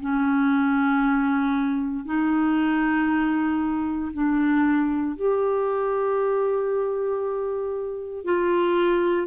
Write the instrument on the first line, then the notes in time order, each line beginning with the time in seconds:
clarinet
0.00 C#4
2.05 D#4
4.13 D4
5.16 G4
8.24 F4